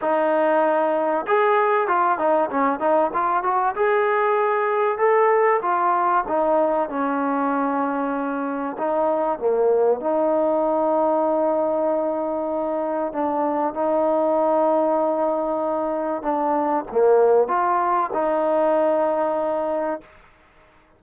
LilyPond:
\new Staff \with { instrumentName = "trombone" } { \time 4/4 \tempo 4 = 96 dis'2 gis'4 f'8 dis'8 | cis'8 dis'8 f'8 fis'8 gis'2 | a'4 f'4 dis'4 cis'4~ | cis'2 dis'4 ais4 |
dis'1~ | dis'4 d'4 dis'2~ | dis'2 d'4 ais4 | f'4 dis'2. | }